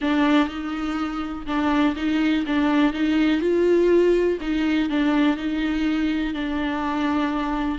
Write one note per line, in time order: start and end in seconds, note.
0.01 0.48 D4
0.48 1.45 D#4
1.46 1.95 D4
1.96 2.45 D#4
2.46 2.93 D4
2.93 3.40 D#4
3.40 4.38 F4
4.40 4.89 D#4
4.89 5.37 D4
5.37 6.33 D#4
6.33 7.78 D4